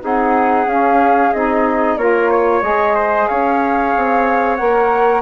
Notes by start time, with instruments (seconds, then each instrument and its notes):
0.00 bassoon C4, saxophone D#4, trumpet G#4, flute F#5
0.66 bassoon C#4, saxophone C#4, flute F5
1.33 bassoon C4, saxophone D#4, flute D#5
1.97 bassoon A#3, saxophone F4, trumpet A#4, flute C#5
2.30 trumpet C#5
2.62 bassoon G#3, saxophone G#4, flute D#5
2.95 trumpet C5
3.27 bassoon C#4, trumpet C#5, flute F5
3.96 bassoon C4
4.56 bassoon A#3, saxophone A#4, flute F#5